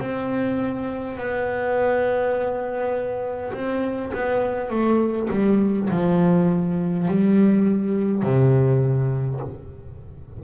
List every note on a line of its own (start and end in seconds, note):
0.00 1.18 C4
1.18 3.53 B3
3.53 4.12 C4
4.13 4.70 B3
4.70 5.29 A3
5.30 5.89 G3
5.90 7.08 F3
7.08 8.22 G3
8.22 9.40 C3